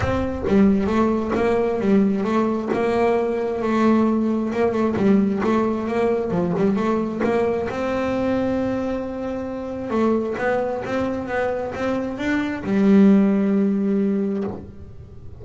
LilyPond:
\new Staff \with { instrumentName = "double bass" } { \time 4/4 \tempo 4 = 133 c'4 g4 a4 ais4 | g4 a4 ais2 | a2 ais8 a8 g4 | a4 ais4 f8 g8 a4 |
ais4 c'2.~ | c'2 a4 b4 | c'4 b4 c'4 d'4 | g1 | }